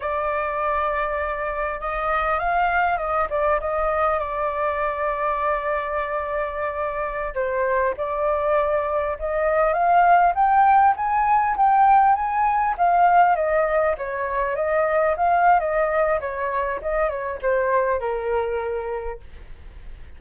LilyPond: \new Staff \with { instrumentName = "flute" } { \time 4/4 \tempo 4 = 100 d''2. dis''4 | f''4 dis''8 d''8 dis''4 d''4~ | d''1~ | d''16 c''4 d''2 dis''8.~ |
dis''16 f''4 g''4 gis''4 g''8.~ | g''16 gis''4 f''4 dis''4 cis''8.~ | cis''16 dis''4 f''8. dis''4 cis''4 | dis''8 cis''8 c''4 ais'2 | }